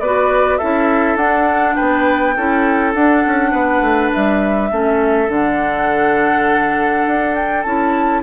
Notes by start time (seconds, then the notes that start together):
0.00 B3 F#4 B4 D5
0.58 C#4 E4 A4 E5
1.16 D4 F#5
1.75 B3 B4 G5
2.36 C#4 E4 A4
2.95 D4 F#5
3.26 C#4
3.51 B3 B4
3.81 A3
4.13 G3 E5
4.71 A3 C#4 A4
5.28 D3 D4 F#5
7.07 D4
7.35 G5
7.63 C#4 E4 A5